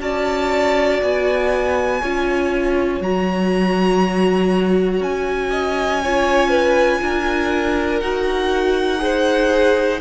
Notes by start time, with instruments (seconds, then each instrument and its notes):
0.00 cello C#4, viola F#4, violin D5 A5
1.02 cello B3, violin G#5
2.01 cello C#4, viola F4, violin C#5
3.01 cello F#3, viola F#4, violin A#5
5.00 cello C#4, violin G#5
5.50 violin D#5
6.03 viola F4, violin C#5
6.50 violin B4
7.01 cello D4, violin A#4
8.00 cello D#4, viola F#4, violin F#5
8.99 viola G#4, violin C5